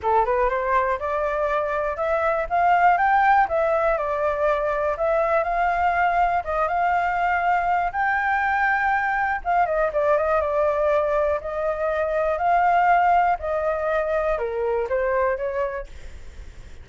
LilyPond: \new Staff \with { instrumentName = "flute" } { \time 4/4 \tempo 4 = 121 a'8 b'8 c''4 d''2 | e''4 f''4 g''4 e''4 | d''2 e''4 f''4~ | f''4 dis''8 f''2~ f''8 |
g''2. f''8 dis''8 | d''8 dis''8 d''2 dis''4~ | dis''4 f''2 dis''4~ | dis''4 ais'4 c''4 cis''4 | }